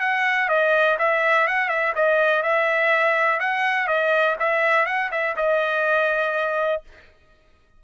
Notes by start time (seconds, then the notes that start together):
0.00 F#5
0.49 D#5
0.99 E5
1.48 F#5
1.69 E5
1.96 D#5
2.43 E5
3.40 F#5
3.88 D#5
4.40 E5
4.86 F#5
5.12 E5
5.36 D#5